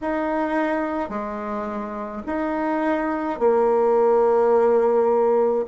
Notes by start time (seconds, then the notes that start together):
0.01 D#4
1.09 G#3
2.26 D#4
3.39 A#3